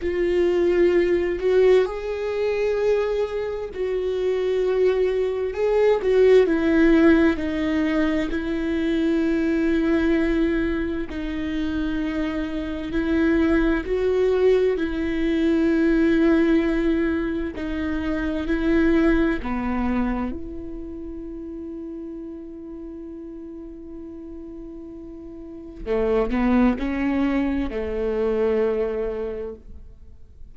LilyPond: \new Staff \with { instrumentName = "viola" } { \time 4/4 \tempo 4 = 65 f'4. fis'8 gis'2 | fis'2 gis'8 fis'8 e'4 | dis'4 e'2. | dis'2 e'4 fis'4 |
e'2. dis'4 | e'4 b4 e'2~ | e'1 | a8 b8 cis'4 a2 | }